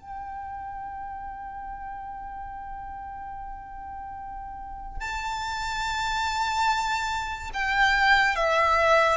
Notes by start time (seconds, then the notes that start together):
0.00 G5
5.00 A5
7.53 G5
8.35 E5